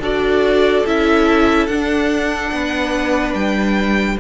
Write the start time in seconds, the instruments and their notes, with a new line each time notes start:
0.00 cello D4, viola F#4, violin A4 D5
0.86 cello C#4, viola E4, violin E5
1.67 cello D4, viola D4, violin F#5
2.52 cello B3, violin B4
3.34 cello G3, violin G5